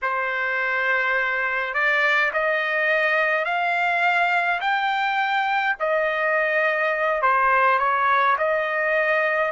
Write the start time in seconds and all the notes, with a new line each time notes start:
0.02 C5
1.74 D5
2.33 D#5
3.45 F5
4.60 G5
5.79 D#5
7.22 C5
7.78 C#5
8.38 D#5